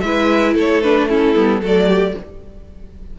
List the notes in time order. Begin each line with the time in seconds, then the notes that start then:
0.00 G#3 E4 B4 E5
0.54 A3 A4 C#5
0.82 D4 B4
1.08 C#4 E4 A4
1.34 G3 B3
1.61 F#3 A3 A4 D5
1.86 G4